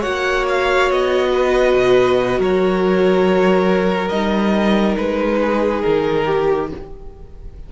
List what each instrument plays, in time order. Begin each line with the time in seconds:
0.00 cello A#3, viola F#4, violin C#5 F#5
0.49 violin F5
0.91 cello B3, violin D#5
1.32 violin B4
1.75 cello B2
2.39 cello F#3, violin A#4 C#5
4.09 cello G3, viola D#4, violin D#5
4.97 cello G#3, violin B4
5.42 violin G#4
5.82 cello D#3, violin A#4
6.26 violin G4